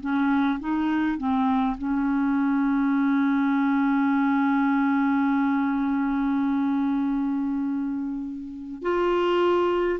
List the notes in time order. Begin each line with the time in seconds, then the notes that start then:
0.00 C#4
0.59 D#4
1.18 C4
1.78 C#4
8.82 F4